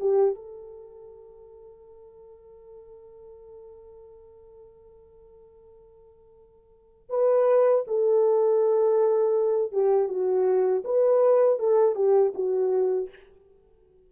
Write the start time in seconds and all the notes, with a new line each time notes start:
0.00 G4
0.35 A4
7.10 B4
7.88 A4
9.72 G4
10.08 F#4
10.84 B4
11.59 A4
11.95 G4
12.34 F#4